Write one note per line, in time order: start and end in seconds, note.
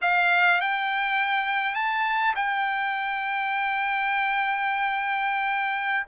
0.01 0.60 F5
0.60 1.74 G5
1.74 2.34 A5
2.35 6.06 G5